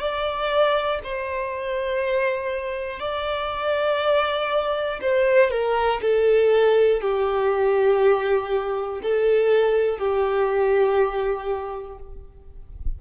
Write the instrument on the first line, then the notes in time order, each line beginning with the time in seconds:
violin
0.00 D5
1.03 C5
3.00 D5
5.01 C5
5.50 A#4
6.01 A4
7.00 G4
9.02 A4
9.98 G4